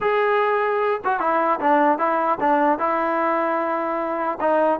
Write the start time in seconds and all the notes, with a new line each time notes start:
0.00 G#4
1.04 F#4
1.19 E4
1.59 D4
1.98 E4
2.40 D4
2.79 E4
4.40 D#4